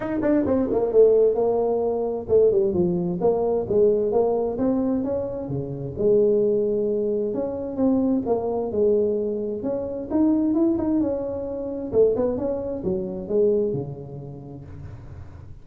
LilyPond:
\new Staff \with { instrumentName = "tuba" } { \time 4/4 \tempo 4 = 131 dis'8 d'8 c'8 ais8 a4 ais4~ | ais4 a8 g8 f4 ais4 | gis4 ais4 c'4 cis'4 | cis4 gis2. |
cis'4 c'4 ais4 gis4~ | gis4 cis'4 dis'4 e'8 dis'8 | cis'2 a8 b8 cis'4 | fis4 gis4 cis2 | }